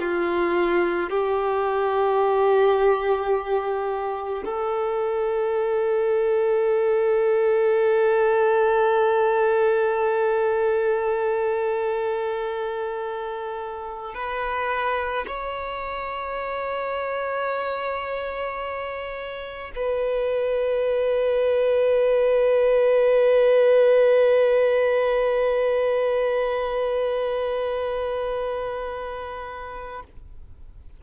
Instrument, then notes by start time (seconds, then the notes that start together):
violin
0.00 F4
1.10 G4
4.45 A4
14.15 B4
15.27 C#5
19.75 B4